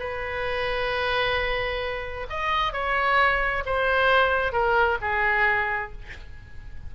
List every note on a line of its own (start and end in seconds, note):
0.00 2.27 B4
2.30 2.73 D#5
2.73 3.64 C#5
3.66 4.53 C5
4.53 4.98 A#4
5.02 5.93 G#4